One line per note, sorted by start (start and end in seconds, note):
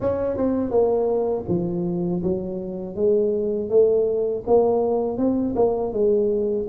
0.00 0.36 C#4
0.36 0.70 C4
0.70 1.44 A#3
1.48 2.22 F3
2.23 2.95 F#3
2.95 3.69 G#3
3.69 4.43 A3
4.46 5.17 A#3
5.17 5.54 C4
5.55 5.92 A#3
5.93 6.67 G#3